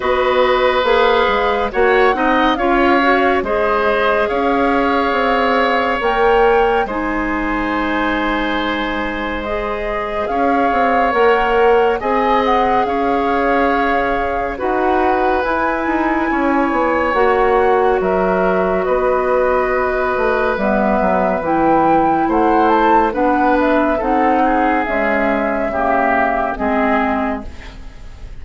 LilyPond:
<<
  \new Staff \with { instrumentName = "flute" } { \time 4/4 \tempo 4 = 70 dis''4 f''4 fis''4 f''4 | dis''4 f''2 g''4 | gis''2. dis''4 | f''4 fis''4 gis''8 fis''8 f''4~ |
f''4 fis''4 gis''2 | fis''4 e''4 dis''2 | e''4 g''4 fis''8 a''8 fis''8 e''8 | fis''4 e''2 dis''4 | }
  \new Staff \with { instrumentName = "oboe" } { \time 4/4 b'2 cis''8 dis''8 cis''4 | c''4 cis''2. | c''1 | cis''2 dis''4 cis''4~ |
cis''4 b'2 cis''4~ | cis''4 ais'4 b'2~ | b'2 c''4 b'4 | a'8 gis'4. g'4 gis'4 | }
  \new Staff \with { instrumentName = "clarinet" } { \time 4/4 fis'4 gis'4 fis'8 dis'8 f'8 fis'8 | gis'2. ais'4 | dis'2. gis'4~ | gis'4 ais'4 gis'2~ |
gis'4 fis'4 e'2 | fis'1 | b4 e'2 d'4 | dis'4 gis4 ais4 c'4 | }
  \new Staff \with { instrumentName = "bassoon" } { \time 4/4 b4 ais8 gis8 ais8 c'8 cis'4 | gis4 cis'4 c'4 ais4 | gis1 | cis'8 c'8 ais4 c'4 cis'4~ |
cis'4 dis'4 e'8 dis'8 cis'8 b8 | ais4 fis4 b4. a8 | g8 fis8 e4 a4 b4 | c'4 cis'4 cis4 gis4 | }
>>